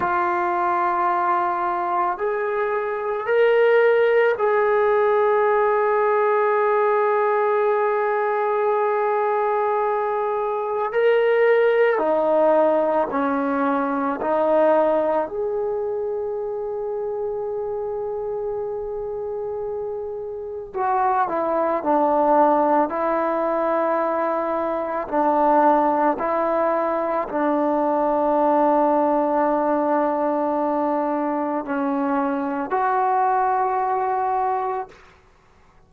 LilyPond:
\new Staff \with { instrumentName = "trombone" } { \time 4/4 \tempo 4 = 55 f'2 gis'4 ais'4 | gis'1~ | gis'2 ais'4 dis'4 | cis'4 dis'4 gis'2~ |
gis'2. fis'8 e'8 | d'4 e'2 d'4 | e'4 d'2.~ | d'4 cis'4 fis'2 | }